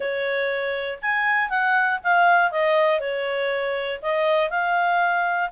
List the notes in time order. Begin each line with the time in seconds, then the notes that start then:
0.00 C#5
1.01 G#5
1.49 F#5
2.03 F5
2.51 D#5
3.00 C#5
4.02 D#5
4.50 F5